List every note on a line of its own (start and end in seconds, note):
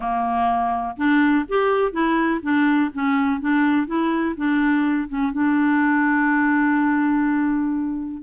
0.00 0.96 A#3
0.97 1.45 D4
1.48 1.92 G4
1.92 2.40 E4
2.42 2.90 D4
2.93 3.40 C#4
3.40 3.87 D4
3.87 4.35 E4
4.37 5.08 D4
5.08 5.32 C#4
5.32 8.22 D4